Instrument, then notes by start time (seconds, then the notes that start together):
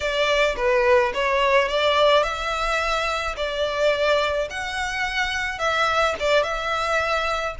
violin
0.00 D5
0.56 B4
1.14 C#5
1.68 D5
2.23 E5
3.36 D5
4.50 F#5
5.58 E5
6.19 D5
6.43 E5